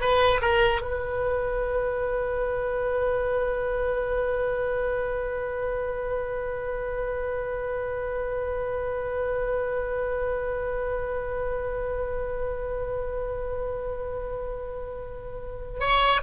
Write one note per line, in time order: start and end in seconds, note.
0.00 0.41 B4
0.41 0.81 A#4
0.81 15.80 B4
15.80 16.21 C#5